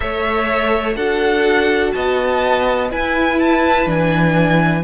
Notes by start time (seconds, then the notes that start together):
0.00 A3 A4 C#5 E5
0.96 D4 F#4 A4 F#5
1.92 B3 D#5 A5
2.90 E4 B4 G#5
3.39 A5
3.86 E3 D4 G#5